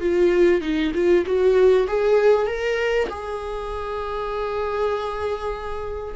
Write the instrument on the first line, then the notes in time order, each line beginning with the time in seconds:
viola
0.00 F4
0.61 D#4
0.94 F4
1.26 F#4
1.87 G#4
2.46 A#4
3.09 G#4